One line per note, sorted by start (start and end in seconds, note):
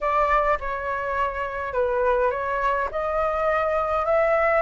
0.01 0.58 D5
0.60 1.73 C#5
1.73 2.31 B4
2.31 2.88 C#5
2.91 4.05 D#5
4.05 4.62 E5